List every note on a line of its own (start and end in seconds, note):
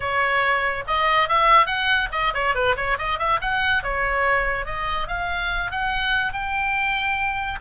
0.00 0.84 C#5
0.87 1.28 D#5
1.28 1.66 E5
1.66 2.08 F#5
2.12 2.33 D#5
2.34 2.54 C#5
2.54 2.75 B4
2.76 2.97 C#5
2.98 3.18 D#5
3.18 3.39 E5
3.41 3.83 F#5
3.83 4.65 C#5
4.65 5.07 D#5
5.07 5.71 F5
5.71 6.32 F#5
6.32 7.59 G5